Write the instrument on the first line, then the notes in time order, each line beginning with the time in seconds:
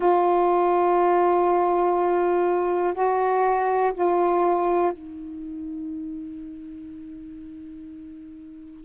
saxophone
0.00 F4
2.93 F#4
3.93 F4
4.92 D#4